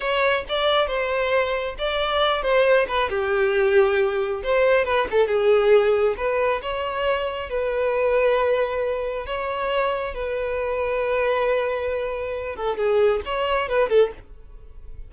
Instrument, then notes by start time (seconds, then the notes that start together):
violin
0.00 C#5
0.48 D5
0.87 C5
1.78 D5
2.42 C5
2.88 B4
3.09 G4
4.43 C5
4.84 B4
5.11 A4
5.27 G#4
6.17 B4
6.62 C#5
7.49 B4
9.26 C#5
10.14 B4
12.55 A4
12.76 G#4
13.25 C#5
13.68 B4
13.89 A4